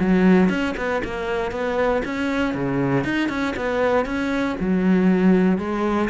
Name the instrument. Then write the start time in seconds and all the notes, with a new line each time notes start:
cello
0.00 F#3
0.50 C#4
0.77 B3
1.04 A#3
1.52 B3
2.05 C#4
2.54 C#3
3.04 D#4
3.29 C#4
3.57 B3
4.06 C#4
4.60 F#3
5.58 G#3